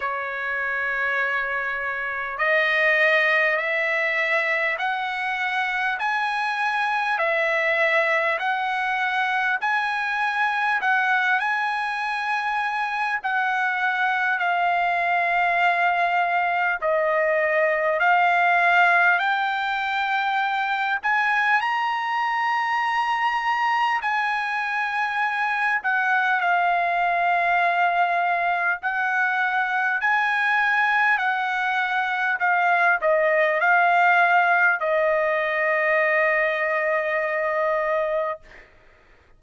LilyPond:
\new Staff \with { instrumentName = "trumpet" } { \time 4/4 \tempo 4 = 50 cis''2 dis''4 e''4 | fis''4 gis''4 e''4 fis''4 | gis''4 fis''8 gis''4. fis''4 | f''2 dis''4 f''4 |
g''4. gis''8 ais''2 | gis''4. fis''8 f''2 | fis''4 gis''4 fis''4 f''8 dis''8 | f''4 dis''2. | }